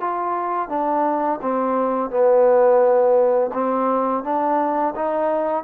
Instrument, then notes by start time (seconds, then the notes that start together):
trombone
0.00 F4
0.69 D4
1.41 C4
2.10 B3
3.53 C4
4.24 D4
4.95 D#4